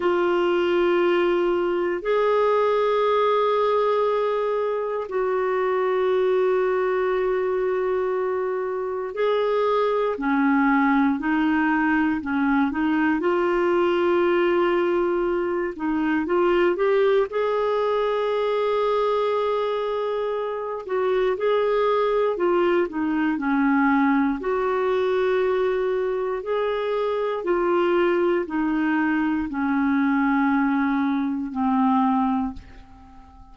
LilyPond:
\new Staff \with { instrumentName = "clarinet" } { \time 4/4 \tempo 4 = 59 f'2 gis'2~ | gis'4 fis'2.~ | fis'4 gis'4 cis'4 dis'4 | cis'8 dis'8 f'2~ f'8 dis'8 |
f'8 g'8 gis'2.~ | gis'8 fis'8 gis'4 f'8 dis'8 cis'4 | fis'2 gis'4 f'4 | dis'4 cis'2 c'4 | }